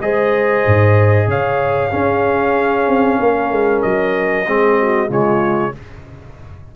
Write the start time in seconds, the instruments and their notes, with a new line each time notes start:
0.00 tuba G#3, trombone G#4, horn C5, trumpet D#5
0.66 tuba G#2
1.27 tuba C#3, horn C#5, trumpet F5
1.90 trombone C#4, tuba C#4, horn G#4
2.87 tuba C4
3.19 tuba A#3, horn A#4
3.51 tuba G#3
3.82 tuba F#3, trumpet D#5
4.47 tuba G#3, trombone C4, horn G#4
4.80 horn F#4
5.08 tuba C#3, trombone G#3, horn F4, trumpet C#5